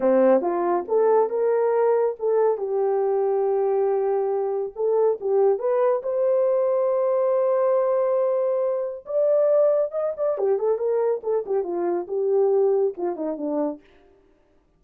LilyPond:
\new Staff \with { instrumentName = "horn" } { \time 4/4 \tempo 4 = 139 c'4 f'4 a'4 ais'4~ | ais'4 a'4 g'2~ | g'2. a'4 | g'4 b'4 c''2~ |
c''1~ | c''4 d''2 dis''8 d''8 | g'8 a'8 ais'4 a'8 g'8 f'4 | g'2 f'8 dis'8 d'4 | }